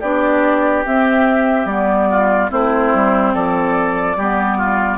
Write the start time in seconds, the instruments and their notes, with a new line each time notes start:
0.00 bassoon B3, clarinet D4, oboe G4, flute D5
0.84 clarinet C4, bassoon C4, flute E5
1.65 bassoon G3, clarinet B3, flute D5
2.10 oboe F4
2.48 bassoon A3, clarinet C4, oboe E4, flute C5
2.93 bassoon G3
3.34 bassoon F3, oboe A4, flute D5
4.16 bassoon G3, clarinet B3, oboe G4
4.58 oboe F4